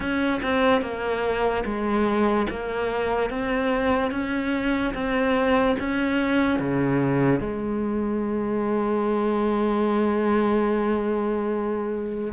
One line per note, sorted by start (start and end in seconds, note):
0.00 0.40 C#4
0.42 0.81 C4
0.81 1.64 A#3
1.64 2.47 G#3
2.50 3.30 A#3
3.30 4.11 C4
4.11 4.93 C#4
4.94 5.76 C4
5.79 6.59 C#4
6.59 7.40 C#3
7.40 12.33 G#3